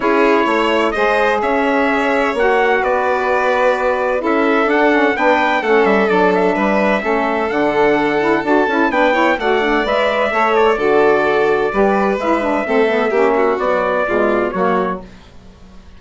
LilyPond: <<
  \new Staff \with { instrumentName = "trumpet" } { \time 4/4 \tempo 4 = 128 cis''2 dis''4 e''4~ | e''4 fis''4 d''2~ | d''4 e''4 fis''4 g''4 | fis''8 e''8 d''8 e''2~ e''8 |
fis''2 a''4 g''4 | fis''4 e''4. d''4.~ | d''2 e''2~ | e''4 d''2 cis''4 | }
  \new Staff \with { instrumentName = "violin" } { \time 4/4 gis'4 cis''4 c''4 cis''4~ | cis''2 b'2~ | b'4 a'2 b'4 | a'2 b'4 a'4~ |
a'2. b'8 cis''8 | d''2 cis''4 a'4~ | a'4 b'2 a'4 | g'8 fis'4. f'4 fis'4 | }
  \new Staff \with { instrumentName = "saxophone" } { \time 4/4 e'2 gis'2~ | gis'4 fis'2.~ | fis'4 e'4 d'8 cis'8 d'4 | cis'4 d'2 cis'4 |
d'4. e'8 fis'8 e'8 d'8 e'8 | fis'8 d'8 b'4 a'4 fis'4~ | fis'4 g'4 e'8 d'8 c'8 b8 | cis'4 fis4 gis4 ais4 | }
  \new Staff \with { instrumentName = "bassoon" } { \time 4/4 cis'4 a4 gis4 cis'4~ | cis'4 ais4 b2~ | b4 cis'4 d'4 b4 | a8 g8 fis4 g4 a4 |
d2 d'8 cis'8 b4 | a4 gis4 a4 d4~ | d4 g4 gis4 a4 | ais4 b4 b,4 fis4 | }
>>